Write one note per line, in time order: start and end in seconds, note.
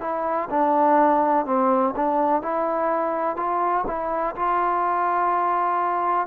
0.00 0.48 E4
0.50 1.45 D4
1.45 1.94 C4
1.96 2.41 D4
2.41 3.36 E4
3.36 3.84 F4
3.86 4.35 E4
4.35 6.27 F4